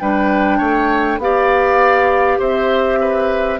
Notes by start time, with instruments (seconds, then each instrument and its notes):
0.00 bassoon G3, clarinet D4, oboe B4, flute G5
0.58 bassoon A3, oboe C#5
1.18 bassoon B3, clarinet G4, oboe D5, flute F5
2.39 bassoon C4, oboe C5, flute E5
3.01 oboe B4